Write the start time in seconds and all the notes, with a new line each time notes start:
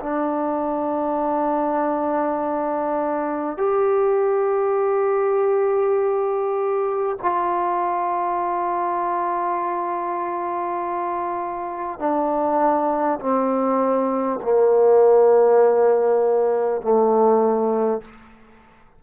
0.00 D4
3.57 G4
7.22 F4
11.99 D4
13.19 C4
14.43 A#3
16.81 A3